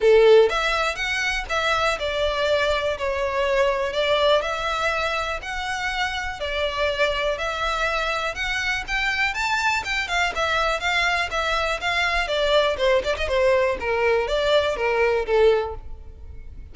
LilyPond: \new Staff \with { instrumentName = "violin" } { \time 4/4 \tempo 4 = 122 a'4 e''4 fis''4 e''4 | d''2 cis''2 | d''4 e''2 fis''4~ | fis''4 d''2 e''4~ |
e''4 fis''4 g''4 a''4 | g''8 f''8 e''4 f''4 e''4 | f''4 d''4 c''8 d''16 dis''16 c''4 | ais'4 d''4 ais'4 a'4 | }